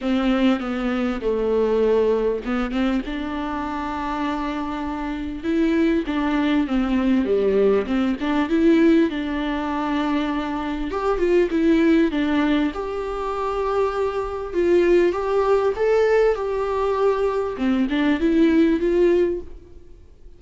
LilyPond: \new Staff \with { instrumentName = "viola" } { \time 4/4 \tempo 4 = 99 c'4 b4 a2 | b8 c'8 d'2.~ | d'4 e'4 d'4 c'4 | g4 c'8 d'8 e'4 d'4~ |
d'2 g'8 f'8 e'4 | d'4 g'2. | f'4 g'4 a'4 g'4~ | g'4 c'8 d'8 e'4 f'4 | }